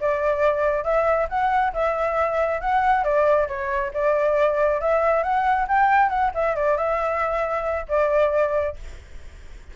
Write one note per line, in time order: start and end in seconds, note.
0.00 0.83 D5
0.83 1.27 E5
1.29 1.73 F#5
1.73 2.60 E5
2.61 3.04 F#5
3.04 3.47 D5
3.48 3.91 C#5
3.93 4.80 D5
4.80 5.23 E5
5.23 5.67 F#5
5.68 6.09 G5
6.09 6.31 F#5
6.34 6.55 E5
6.55 6.77 D5
6.77 7.86 E5
7.88 8.76 D5